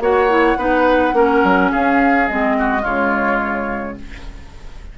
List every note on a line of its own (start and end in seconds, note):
0.00 0.57 A#3
0.00 0.29 F#4
0.00 0.58 C#5
0.00 1.72 F#5
0.29 0.57 E4
0.57 1.13 B3
0.57 1.14 D#4
0.57 1.15 B4
1.13 1.42 A#3
1.13 2.27 C#4
1.13 1.72 A#4
1.44 1.72 F#3
1.72 2.30 C#4
1.72 2.56 G#4
1.72 2.28 F5
2.28 2.85 G#3
2.28 2.82 C4
2.28 2.85 D#5
2.59 2.82 F#4
2.82 3.98 C#3
2.82 3.95 G#3
2.82 3.95 F4
2.82 3.98 C#5